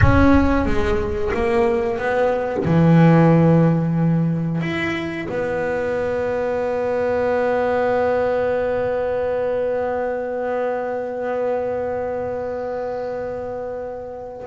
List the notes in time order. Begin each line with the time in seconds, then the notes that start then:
0.01 C#4
0.65 G#3
1.34 A#3
1.98 B3
2.64 E3
4.61 E4
5.29 B3